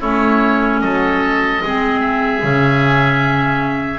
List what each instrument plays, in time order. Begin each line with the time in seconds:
0.00 double bass A3, clarinet C#4, oboe E4 C#5
0.80 double bass F#3, oboe A4 D#5
1.64 double bass G#3, clarinet C4, oboe G#4
2.00 oboe E5
2.41 double bass C#3, clarinet C#4